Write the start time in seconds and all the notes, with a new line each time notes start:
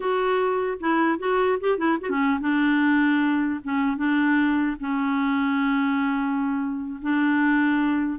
0.00 F#4
0.80 E4
1.19 F#4
1.60 G4
1.78 E4
2.01 F#4
2.09 C#4
2.40 D4
3.63 C#4
3.97 D4
4.79 C#4
7.02 D4